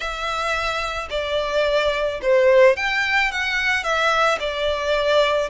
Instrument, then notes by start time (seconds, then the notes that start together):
violin
0.00 E5
1.10 D5
2.22 C5
2.76 G5
3.31 F#5
3.83 E5
4.39 D5